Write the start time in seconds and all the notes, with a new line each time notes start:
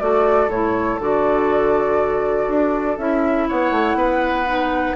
0.00 A3 F#4 A4 D5
0.48 A2 E4 C#5
0.99 D3 F#4 D5
2.48 D4
2.98 C#4 E4 E5
3.48 B3 C#5 F#5
3.72 A3
3.95 B3 B4
4.46 D#4